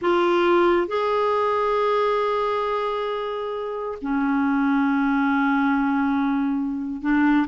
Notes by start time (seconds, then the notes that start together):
0.01 F4
0.87 G#4
4.01 C#4
7.01 D4